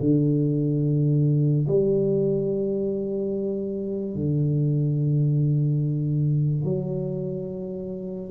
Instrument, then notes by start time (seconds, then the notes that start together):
tuba
0.00 D3
1.68 G3
4.15 D3
6.64 F#3